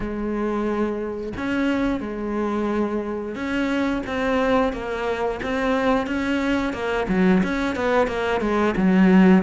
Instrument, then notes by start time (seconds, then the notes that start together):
cello
0.00 G#3
1.36 C#4
2.00 G#3
3.35 C#4
4.06 C4
4.72 A#3
5.42 C4
6.06 C#4
6.73 A#3
7.08 F#3
7.43 C#4
7.75 B3
8.07 A#3
8.41 G#3
8.76 F#3